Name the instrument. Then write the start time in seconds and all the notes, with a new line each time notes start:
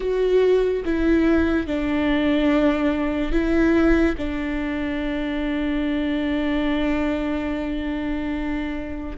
viola
0.00 F#4
0.84 E4
1.67 D4
3.31 E4
4.17 D4